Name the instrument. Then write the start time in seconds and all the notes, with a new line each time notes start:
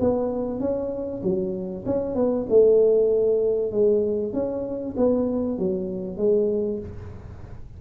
tuba
0.00 B3
0.60 C#4
1.23 F#3
1.86 C#4
2.15 B3
2.49 A3
3.72 G#3
4.33 C#4
4.97 B3
5.58 F#3
6.17 G#3